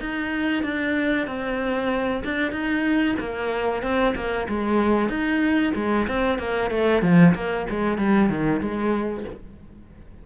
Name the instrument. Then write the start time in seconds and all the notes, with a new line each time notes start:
cello
0.00 D#4
0.63 D4
1.27 C4
2.24 D4
2.52 D#4
3.19 A#3
3.83 C4
4.15 A#3
4.49 G#3
5.09 D#4
5.75 G#3
6.08 C4
6.39 A#3
6.71 A3
7.02 F3
7.35 A#3
7.70 G#3
7.98 G3
8.29 D#3
8.61 G#3